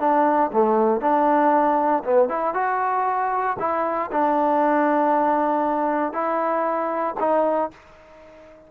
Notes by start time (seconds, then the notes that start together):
0.00 D4
0.53 A3
1.01 D4
2.04 B3
2.29 E4
2.55 F#4
3.60 E4
4.12 D4
6.13 E4
7.20 D#4